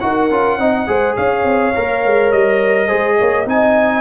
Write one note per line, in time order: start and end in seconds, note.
0.00 0.31 D#4
0.00 0.30 F#4
0.00 0.59 A#4
0.00 1.15 F#5
0.31 0.57 C#4
0.31 0.59 F4
0.57 0.86 C4
0.57 0.87 D#4
0.57 0.88 D#5
0.87 1.17 G#3
0.87 1.73 G#4
0.87 1.16 C5
1.16 1.44 C#4
1.16 2.87 C#5
1.16 2.31 F5
1.44 1.73 C4
1.75 2.05 A#3
1.75 2.87 A#4
2.05 2.32 G#3
2.31 2.90 G3
2.31 3.47 D#5
2.87 3.20 G#3
2.87 3.45 G#4
2.87 3.16 C5
3.18 3.46 A#3
3.18 3.47 C#5
3.46 4.01 C4
3.46 4.01 D#4
3.46 4.01 D#5
3.46 4.01 G#5